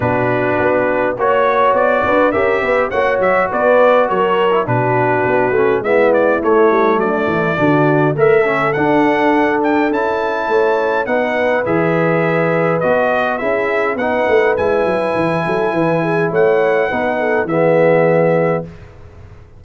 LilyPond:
<<
  \new Staff \with { instrumentName = "trumpet" } { \time 4/4 \tempo 4 = 103 b'2 cis''4 d''4 | e''4 fis''8 e''8 d''4 cis''4 | b'2 e''8 d''8 cis''4 | d''2 e''4 fis''4~ |
fis''8 g''8 a''2 fis''4 | e''2 dis''4 e''4 | fis''4 gis''2. | fis''2 e''2 | }
  \new Staff \with { instrumentName = "horn" } { \time 4/4 fis'2 cis''4. b'8 | ais'8 b'8 cis''4 b'4 ais'4 | fis'2 e'2 | d'8 e'8 fis'4 a'2~ |
a'2 cis''4 b'4~ | b'2. gis'4 | b'2~ b'8 a'8 b'8 gis'8 | cis''4 b'8 a'8 gis'2 | }
  \new Staff \with { instrumentName = "trombone" } { \time 4/4 d'2 fis'2 | g'4 fis'2~ fis'8. e'16 | d'4. cis'8 b4 a4~ | a4 d'4 ais'8 cis'8 d'4~ |
d'4 e'2 dis'4 | gis'2 fis'4 e'4 | dis'4 e'2.~ | e'4 dis'4 b2 | }
  \new Staff \with { instrumentName = "tuba" } { \time 4/4 b,4 b4 ais4 b8 d'8 | cis'8 b8 ais8 fis8 b4 fis4 | b,4 b8 a8 gis4 a8 g8 | fis8 e8 d4 a4 d'4~ |
d'4 cis'4 a4 b4 | e2 b4 cis'4 | b8 a8 gis8 fis8 e8 fis8 e4 | a4 b4 e2 | }
>>